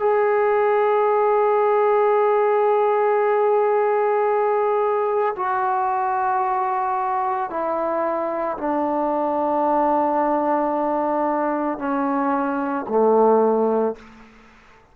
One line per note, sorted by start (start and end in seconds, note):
0.00 5.36 G#4
5.36 7.50 F#4
7.50 8.58 E4
8.58 11.79 D4
11.79 12.86 C#4
12.89 13.96 A3